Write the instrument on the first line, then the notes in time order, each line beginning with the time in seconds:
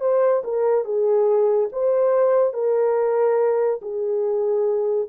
horn
0.00 C5
0.43 A#4
0.85 G#4
1.72 C5
2.53 A#4
3.81 G#4